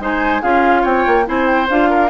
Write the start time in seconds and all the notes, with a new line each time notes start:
0.00 G#3 D#4 C5 G#5
0.42 C#4 F4 G#4 F5
0.82 C4 C#5 G5
1.07 A#3
1.25 C4 E4 C5 G#5
1.47 G5
1.70 D4 F4 F5
1.90 A#4